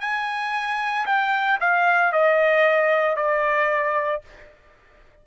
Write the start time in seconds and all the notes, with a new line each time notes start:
0.00 G#5
1.06 G5
1.60 F5
2.12 D#5
3.16 D5